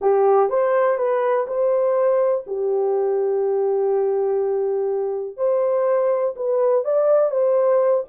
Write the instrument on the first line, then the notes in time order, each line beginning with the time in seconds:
horn
0.01 G4
0.49 C5
0.97 B4
1.47 C5
2.47 G4
5.37 C5
6.35 B4
6.84 D5
7.30 C5